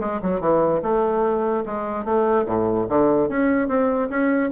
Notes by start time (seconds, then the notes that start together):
0.00 G#3
0.22 F#3
0.40 E3
0.82 A3
1.66 G#3
2.04 A3
2.46 A2
2.89 D3
3.29 C#4
3.68 C4
4.09 C#4